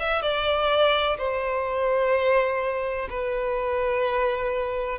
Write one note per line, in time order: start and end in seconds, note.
0.00 0.23 E5
0.23 1.18 D5
1.19 3.09 C5
3.10 4.99 B4